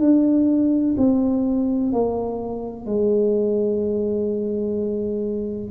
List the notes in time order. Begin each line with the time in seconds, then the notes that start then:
0.00 D4
0.97 C4
1.93 A#3
2.86 G#3